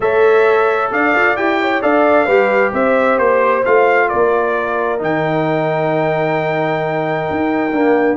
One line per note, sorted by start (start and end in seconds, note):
0.00 0.91 A3
0.00 1.36 A4
0.00 0.91 C#5
0.00 0.91 E5
0.91 1.14 D4
0.91 1.60 D5
0.91 1.36 F5
1.14 1.36 F4
1.36 1.81 E4
1.36 1.82 G4
1.36 1.82 G5
1.61 1.82 C#5
1.82 2.26 D4
1.82 2.27 A4
1.82 2.25 D5
1.82 2.73 F5
2.25 2.72 G3
2.25 3.65 G4
2.25 2.71 B4
2.72 3.18 C4
2.72 4.08 C5
2.72 3.18 E5
3.18 3.63 A#3
3.18 3.64 C5
3.65 4.11 A3
3.65 4.98 F4
3.65 4.08 F5
4.08 5.01 A#3
4.08 8.17 A#4
4.08 4.99 D5
4.98 7.28 D#3
4.98 7.71 D#4
4.98 8.17 G5
7.30 7.72 D#4
7.72 8.17 A#3
7.72 8.17 D4